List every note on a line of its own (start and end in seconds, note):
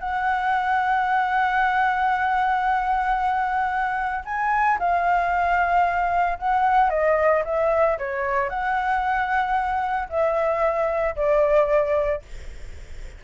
0.00 4.25 F#5
4.25 4.78 G#5
4.79 6.39 F5
6.39 6.91 F#5
6.91 7.44 D#5
7.45 7.98 E5
7.98 8.50 C#5
8.50 10.09 F#5
10.10 11.16 E5
11.16 12.22 D5